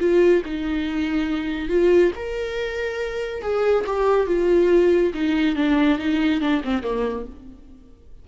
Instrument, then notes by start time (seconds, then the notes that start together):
viola
0.00 F4
0.46 D#4
1.69 F4
2.16 A#4
3.42 G#4
3.87 G4
4.27 F4
5.14 D#4
5.56 D4
5.99 D#4
6.41 D4
6.64 C4
6.83 A#3